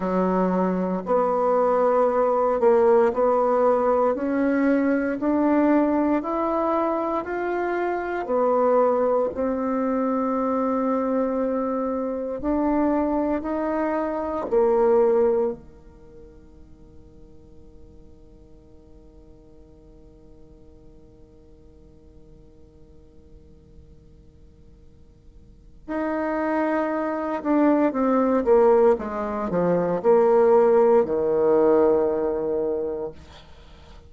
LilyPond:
\new Staff \with { instrumentName = "bassoon" } { \time 4/4 \tempo 4 = 58 fis4 b4. ais8 b4 | cis'4 d'4 e'4 f'4 | b4 c'2. | d'4 dis'4 ais4 dis4~ |
dis1~ | dis1~ | dis4 dis'4. d'8 c'8 ais8 | gis8 f8 ais4 dis2 | }